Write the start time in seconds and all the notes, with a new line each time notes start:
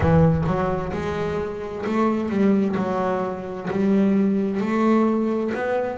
0.00 E3
0.46 F#3
0.92 G#3
1.86 A3
2.29 G3
2.76 F#3
3.70 G3
4.60 A3
5.54 B3